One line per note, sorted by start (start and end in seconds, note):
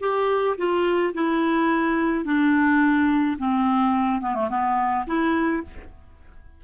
0.00 0.56 G4
0.57 1.13 F4
1.14 2.25 E4
2.25 3.37 D4
3.38 4.21 C4
4.21 4.35 B3
4.35 4.49 A3
4.50 5.06 B3
5.07 5.63 E4